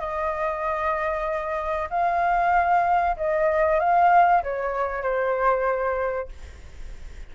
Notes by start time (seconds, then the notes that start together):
0.00 D#5
1.90 F5
3.18 D#5
3.80 F5
4.44 C#5
5.03 C5